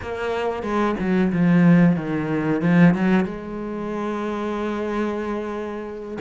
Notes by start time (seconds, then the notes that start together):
0.02 A#3
0.62 G#3
0.99 F#3
1.32 F3
1.96 D#3
2.61 F3
2.94 F#3
3.24 G#3